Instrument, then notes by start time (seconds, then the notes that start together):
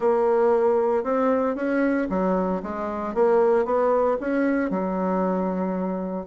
bassoon
0.00 A#3
1.03 C4
1.55 C#4
2.09 F#3
2.62 G#3
3.14 A#3
3.65 B3
4.20 C#4
4.70 F#3